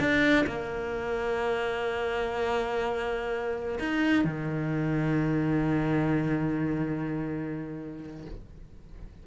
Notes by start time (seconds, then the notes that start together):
0.00 D4
0.47 A#3
3.79 D#4
4.25 D#3